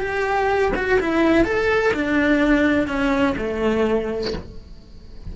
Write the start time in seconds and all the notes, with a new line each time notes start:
0.00 G4
0.75 F#4
0.99 E4
1.44 A4
1.93 D4
2.87 C#4
3.37 A3